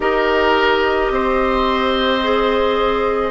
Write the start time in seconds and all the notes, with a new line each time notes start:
0.00 D#4 G4 A#4 D#5
1.10 C4 C5
2.22 G#4